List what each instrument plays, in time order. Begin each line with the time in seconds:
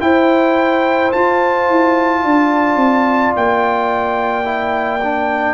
0.00 trombone E4, tuba E4, horn C5, trumpet G5
1.12 trombone F4, tuba F4, trumpet A5
1.68 tuba E4
2.22 tuba D4, horn D5
2.76 tuba C4
3.36 tuba A#3, trumpet G5
4.44 trombone E4
5.02 trombone D4